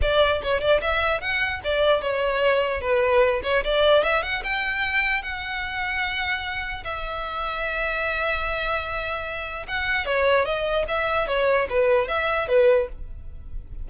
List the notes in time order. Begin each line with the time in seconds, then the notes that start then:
0.01 D5
0.42 C#5
0.60 D5
0.81 E5
1.20 F#5
1.64 D5
2.01 C#5
2.80 B4
3.43 C#5
3.64 D5
4.03 E5
4.22 F#5
4.43 G5
5.22 F#5
6.84 E5
9.67 F#5
10.05 C#5
10.45 D#5
10.88 E5
11.27 C#5
11.69 B4
12.08 E5
12.48 B4